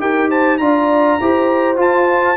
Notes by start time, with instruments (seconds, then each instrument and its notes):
0.00 tuba D#4, trombone G4, horn A#4, trumpet G5
0.29 horn C5, trumpet A5
0.58 tuba D4, trombone F4, horn D5, trumpet A#5
1.21 tuba E4, trombone G4, horn C5
1.76 trombone F4, tuba F4, trumpet A5